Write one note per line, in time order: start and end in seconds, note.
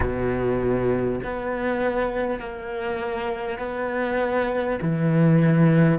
0.00 1.19 B2
1.24 2.39 B3
2.39 3.58 A#3
3.58 4.78 B3
4.82 5.98 E3